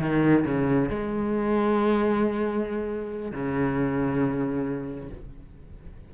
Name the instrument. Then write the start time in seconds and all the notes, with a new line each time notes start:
cello
0.00 D#3
0.45 C#3
0.89 G#3
3.32 C#3